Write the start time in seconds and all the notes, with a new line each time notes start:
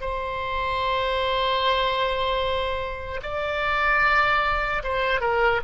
0.00 C5
3.22 D5
4.83 C5
5.20 A#4